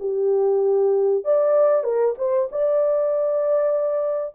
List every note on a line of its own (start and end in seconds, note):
0.00 1.25 G4
1.25 1.84 D5
1.84 2.15 A#4
2.18 2.49 C5
2.52 4.35 D5